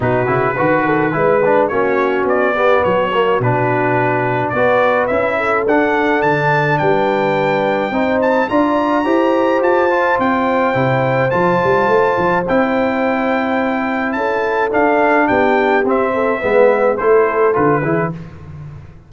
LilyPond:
<<
  \new Staff \with { instrumentName = "trumpet" } { \time 4/4 \tempo 4 = 106 b'2. cis''4 | d''4 cis''4 b'2 | d''4 e''4 fis''4 a''4 | g''2~ g''8 a''8 ais''4~ |
ais''4 a''4 g''2 | a''2 g''2~ | g''4 a''4 f''4 g''4 | e''2 c''4 b'4 | }
  \new Staff \with { instrumentName = "horn" } { \time 4/4 fis'4 b'8 a'8 b'4 fis'4~ | fis'8 g'8 fis'2. | b'4. a'2~ a'8 | b'2 c''4 d''4 |
c''1~ | c''1~ | c''4 a'2 g'4~ | g'8 a'8 b'4 a'4. gis'8 | }
  \new Staff \with { instrumentName = "trombone" } { \time 4/4 dis'8 e'8 fis'4 e'8 d'8 cis'4~ | cis'8 b4 ais8 d'2 | fis'4 e'4 d'2~ | d'2 dis'4 f'4 |
g'4. f'4. e'4 | f'2 e'2~ | e'2 d'2 | c'4 b4 e'4 f'8 e'8 | }
  \new Staff \with { instrumentName = "tuba" } { \time 4/4 b,8 cis8 dis4 gis4 ais4 | b4 fis4 b,2 | b4 cis'4 d'4 d4 | g2 c'4 d'4 |
e'4 f'4 c'4 c4 | f8 g8 a8 f8 c'2~ | c'4 cis'4 d'4 b4 | c'4 gis4 a4 d8 e8 | }
>>